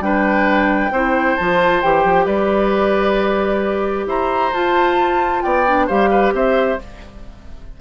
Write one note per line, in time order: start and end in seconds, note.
0.00 0.90 G3
0.00 0.90 D4
0.00 0.92 B4
0.00 1.36 G5
0.91 1.36 C4
0.91 1.39 E4
0.91 2.25 C5
1.36 1.83 F3
1.36 1.82 F4
1.36 1.81 A5
1.81 2.04 E3
1.81 4.53 G4
1.81 2.25 G5
2.04 2.26 F3
2.25 4.06 G3
2.25 4.06 B4
2.25 4.06 D5
4.06 4.51 E4
4.06 5.43 C5
4.06 4.53 A#5
4.53 5.43 F4
4.53 5.67 F4
4.53 5.42 A5
5.42 5.89 B3
5.42 5.86 D5
5.42 5.87 G5
5.67 5.89 D4
5.86 6.33 G3
5.86 6.79 G4
5.86 6.09 C5
5.86 6.33 F5
6.10 6.33 B4
6.33 6.78 C4
6.33 6.80 C5
6.33 6.80 E5